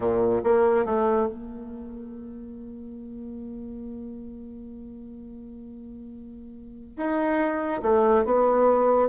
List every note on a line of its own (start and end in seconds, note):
0.00 0.41 A#2
0.43 0.85 A#3
0.85 1.27 A3
1.27 6.96 A#3
6.96 7.81 D#4
7.82 8.24 A3
8.24 9.08 B3